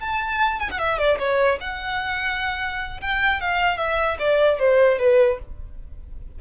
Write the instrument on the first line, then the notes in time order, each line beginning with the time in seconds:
violin
0.00 A5
0.60 G#5
0.71 F#5
0.79 E5
0.99 D5
1.19 C#5
1.61 F#5
3.01 G5
3.41 F5
3.78 E5
4.19 D5
4.59 C5
4.99 B4